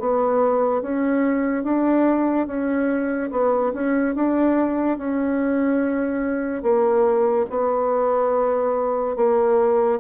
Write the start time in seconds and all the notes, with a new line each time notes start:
0.00 B3
0.82 C#4
1.64 D4
2.47 C#4
3.31 B3
3.74 C#4
4.16 D4
4.98 C#4
6.63 A#3
7.50 B3
9.17 A#3